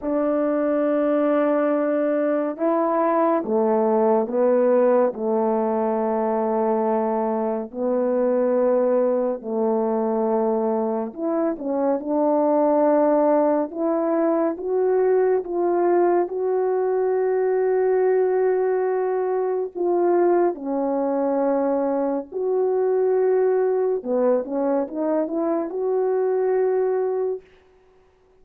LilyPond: \new Staff \with { instrumentName = "horn" } { \time 4/4 \tempo 4 = 70 d'2. e'4 | a4 b4 a2~ | a4 b2 a4~ | a4 e'8 cis'8 d'2 |
e'4 fis'4 f'4 fis'4~ | fis'2. f'4 | cis'2 fis'2 | b8 cis'8 dis'8 e'8 fis'2 | }